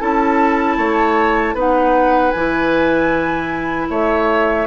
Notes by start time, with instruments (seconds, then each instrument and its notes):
0.00 bassoon C#4, clarinet E4, oboe A4, flute A5
0.77 bassoon A3, oboe C#5
1.54 bassoon B3, clarinet D#4, oboe B4, flute F#5
2.31 bassoon E3, clarinet E4, flute G#5
3.90 bassoon A3, oboe C#5, flute E5